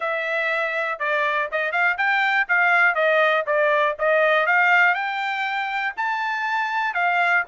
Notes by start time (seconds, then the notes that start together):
0.00 E5
0.99 D5
1.51 D#5
1.72 F5
1.97 G5
2.48 F5
2.94 D#5
3.46 D5
3.98 D#5
4.46 F5
4.94 G5
5.96 A5
6.94 F5